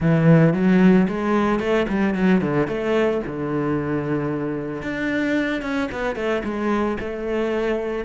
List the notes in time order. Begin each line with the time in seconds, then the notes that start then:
0.00 E3
0.53 F#3
1.07 G#3
1.59 A3
1.88 G3
2.14 F#3
2.41 D3
2.67 A3
3.26 D3
4.82 D4
5.62 C#4
5.91 B3
6.15 A3
6.44 G#3
7.00 A3